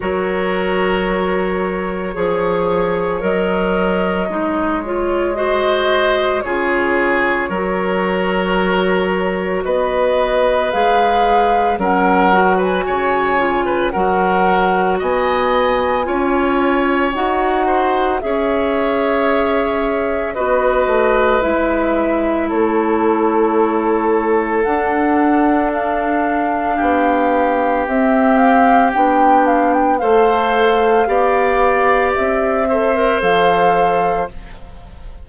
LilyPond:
<<
  \new Staff \with { instrumentName = "flute" } { \time 4/4 \tempo 4 = 56 cis''2. dis''4~ | dis''8 cis''8 dis''4 cis''2~ | cis''4 dis''4 f''4 fis''8. gis''16~ | gis''4 fis''4 gis''2 |
fis''4 e''2 dis''4 | e''4 cis''2 fis''4 | f''2 e''8 f''8 g''8 f''16 g''16 | f''2 e''4 f''4 | }
  \new Staff \with { instrumentName = "oboe" } { \time 4/4 ais'2 cis''2~ | cis''4 c''4 gis'4 ais'4~ | ais'4 b'2 ais'8. b'16 | cis''8. b'16 ais'4 dis''4 cis''4~ |
cis''8 c''8 cis''2 b'4~ | b'4 a'2.~ | a'4 g'2. | c''4 d''4. c''4. | }
  \new Staff \with { instrumentName = "clarinet" } { \time 4/4 fis'2 gis'4 ais'4 | dis'8 f'8 fis'4 f'4 fis'4~ | fis'2 gis'4 cis'8 fis'8~ | fis'8 f'8 fis'2 f'4 |
fis'4 gis'2 fis'4 | e'2. d'4~ | d'2 c'4 d'4 | a'4 g'4. a'16 ais'16 a'4 | }
  \new Staff \with { instrumentName = "bassoon" } { \time 4/4 fis2 f4 fis4 | gis2 cis4 fis4~ | fis4 b4 gis4 fis4 | cis4 fis4 b4 cis'4 |
dis'4 cis'2 b8 a8 | gis4 a2 d'4~ | d'4 b4 c'4 b4 | a4 b4 c'4 f4 | }
>>